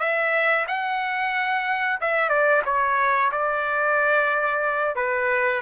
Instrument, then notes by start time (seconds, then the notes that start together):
trumpet
0.00 E5
0.68 F#5
2.01 E5
2.30 D5
2.66 C#5
3.32 D5
4.96 B4